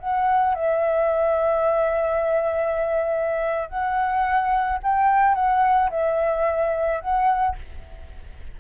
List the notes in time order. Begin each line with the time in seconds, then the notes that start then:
0.00 F#5
0.55 E5
3.70 F#5
4.84 G5
5.35 F#5
5.91 E5
7.01 F#5